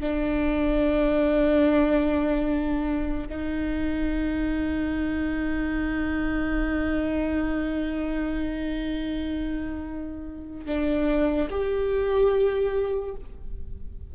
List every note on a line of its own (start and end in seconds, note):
0.00 3.29 D4
3.29 10.66 D#4
10.66 11.48 D4
11.51 13.15 G4